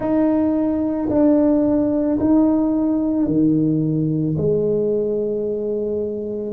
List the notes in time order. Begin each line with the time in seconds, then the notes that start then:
0.00 D#4
1.09 D4
2.20 D#4
3.27 D#3
4.37 G#3